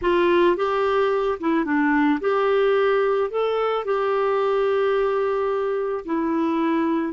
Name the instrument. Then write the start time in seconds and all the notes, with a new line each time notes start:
clarinet
0.02 F4
0.56 G4
1.40 E4
1.64 D4
2.20 G4
3.30 A4
3.84 G4
6.05 E4